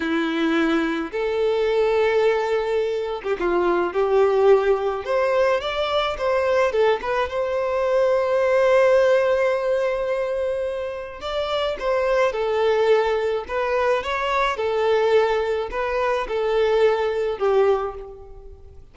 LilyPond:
\new Staff \with { instrumentName = "violin" } { \time 4/4 \tempo 4 = 107 e'2 a'2~ | a'4.~ a'16 g'16 f'4 g'4~ | g'4 c''4 d''4 c''4 | a'8 b'8 c''2.~ |
c''1 | d''4 c''4 a'2 | b'4 cis''4 a'2 | b'4 a'2 g'4 | }